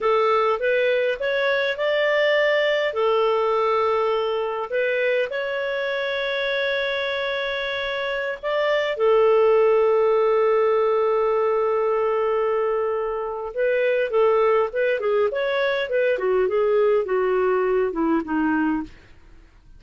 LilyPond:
\new Staff \with { instrumentName = "clarinet" } { \time 4/4 \tempo 4 = 102 a'4 b'4 cis''4 d''4~ | d''4 a'2. | b'4 cis''2.~ | cis''2~ cis''16 d''4 a'8.~ |
a'1~ | a'2. b'4 | a'4 b'8 gis'8 cis''4 b'8 fis'8 | gis'4 fis'4. e'8 dis'4 | }